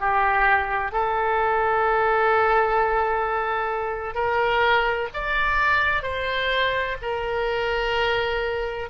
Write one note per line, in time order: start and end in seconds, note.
0.00 0.92 G4
0.92 4.15 A4
4.15 5.08 A#4
5.14 6.03 D5
6.03 6.96 C5
7.02 8.89 A#4